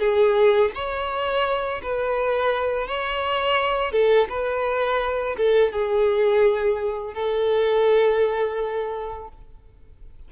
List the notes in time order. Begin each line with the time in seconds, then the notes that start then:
0.00 G#4
0.75 C#5
1.83 B4
2.88 C#5
3.92 A4
4.30 B4
5.37 A4
5.72 G#4
7.14 A4